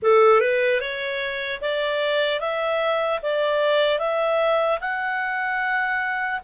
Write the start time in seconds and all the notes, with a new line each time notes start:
0.02 A4
0.40 B4
0.80 C#5
1.61 D5
2.40 E5
3.22 D5
3.99 E5
4.80 F#5